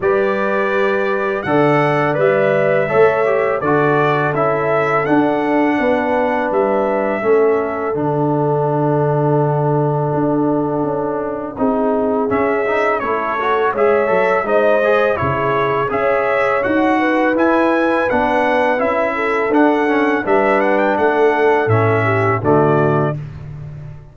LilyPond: <<
  \new Staff \with { instrumentName = "trumpet" } { \time 4/4 \tempo 4 = 83 d''2 fis''4 e''4~ | e''4 d''4 e''4 fis''4~ | fis''4 e''2 fis''4~ | fis''1~ |
fis''4 e''4 cis''4 e''4 | dis''4 cis''4 e''4 fis''4 | gis''4 fis''4 e''4 fis''4 | e''8 fis''16 g''16 fis''4 e''4 d''4 | }
  \new Staff \with { instrumentName = "horn" } { \time 4/4 b'2 d''2 | cis''4 a'2. | b'2 a'2~ | a'1 |
gis'2 a'4 cis''4 | c''4 gis'4 cis''4. b'8~ | b'2~ b'8 a'4. | b'4 a'4. g'8 fis'4 | }
  \new Staff \with { instrumentName = "trombone" } { \time 4/4 g'2 a'4 b'4 | a'8 g'8 fis'4 e'4 d'4~ | d'2 cis'4 d'4~ | d'1 |
dis'4 cis'8 dis'8 e'8 fis'8 gis'8 a'8 | dis'8 gis'8 e'4 gis'4 fis'4 | e'4 d'4 e'4 d'8 cis'8 | d'2 cis'4 a4 | }
  \new Staff \with { instrumentName = "tuba" } { \time 4/4 g2 d4 g4 | a4 d4 cis'4 d'4 | b4 g4 a4 d4~ | d2 d'4 cis'4 |
c'4 cis'4 a4 gis8 fis8 | gis4 cis4 cis'4 dis'4 | e'4 b4 cis'4 d'4 | g4 a4 a,4 d4 | }
>>